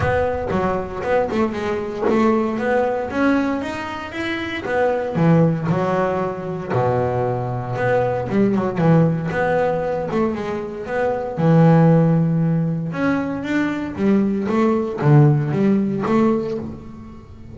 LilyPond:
\new Staff \with { instrumentName = "double bass" } { \time 4/4 \tempo 4 = 116 b4 fis4 b8 a8 gis4 | a4 b4 cis'4 dis'4 | e'4 b4 e4 fis4~ | fis4 b,2 b4 |
g8 fis8 e4 b4. a8 | gis4 b4 e2~ | e4 cis'4 d'4 g4 | a4 d4 g4 a4 | }